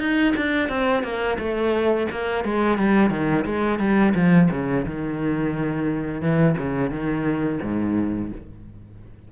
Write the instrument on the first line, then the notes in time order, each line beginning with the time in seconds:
cello
0.00 D#4
0.37 D4
0.69 C4
1.03 A#3
1.38 A3
2.11 A#3
2.45 G#3
2.78 G3
3.10 D#3
3.45 G#3
3.79 G3
4.15 F3
4.51 C#3
4.86 D#3
6.22 E3
6.58 C#3
6.91 D#3
7.63 G#2